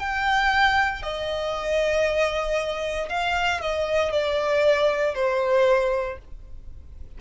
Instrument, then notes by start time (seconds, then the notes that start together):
violin
0.00 G5
1.03 D#5
3.10 F5
3.62 D#5
4.12 D5
5.15 C5